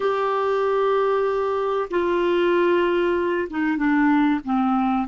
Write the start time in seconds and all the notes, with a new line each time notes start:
0.00 G4
1.90 F4
3.50 D#4
3.77 D4
4.44 C4